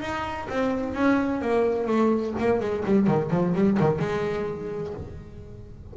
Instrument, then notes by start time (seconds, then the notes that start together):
double bass
0.00 D#4
0.49 C4
0.93 C#4
1.41 A#3
1.86 A3
2.39 A#3
2.60 G#3
2.85 G3
3.07 D#3
3.30 F3
3.54 G3
3.79 D#3
3.99 G#3